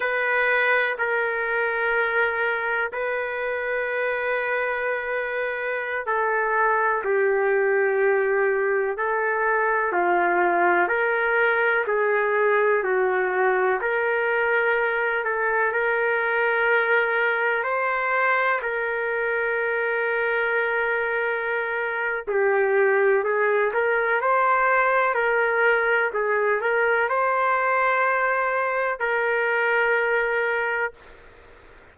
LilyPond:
\new Staff \with { instrumentName = "trumpet" } { \time 4/4 \tempo 4 = 62 b'4 ais'2 b'4~ | b'2~ b'16 a'4 g'8.~ | g'4~ g'16 a'4 f'4 ais'8.~ | ais'16 gis'4 fis'4 ais'4. a'16~ |
a'16 ais'2 c''4 ais'8.~ | ais'2. g'4 | gis'8 ais'8 c''4 ais'4 gis'8 ais'8 | c''2 ais'2 | }